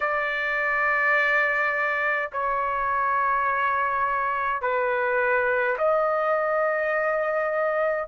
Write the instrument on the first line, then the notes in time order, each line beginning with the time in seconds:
trumpet
0.00 D5
2.32 C#5
4.62 B4
5.77 D#5